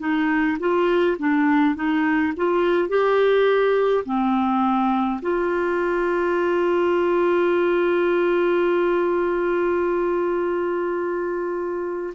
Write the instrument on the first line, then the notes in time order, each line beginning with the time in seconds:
clarinet
0.00 D#4
0.60 F4
1.19 D4
1.76 D#4
2.37 F4
2.89 G4
4.05 C4
5.22 F4